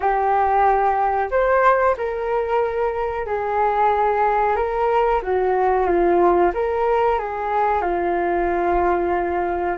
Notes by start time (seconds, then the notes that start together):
0.00 G4
1.30 C5
1.97 A#4
3.26 G#4
4.55 A#4
5.22 F#4
5.86 F4
6.54 A#4
7.19 G#4
7.81 F4